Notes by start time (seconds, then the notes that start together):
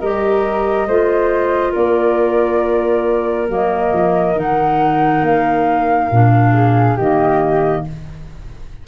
0.00 G3 G4 A#4 D#5
0.87 A3 F4 C5
1.71 A#3 A#4 D5
3.49 F#3 A#3 D#5
3.93 F3
4.36 D#3 D#4 F#5
5.22 A#3 F5
6.11 A#2 D4
6.53 G#4
6.96 D#3 A#3 G4 D#5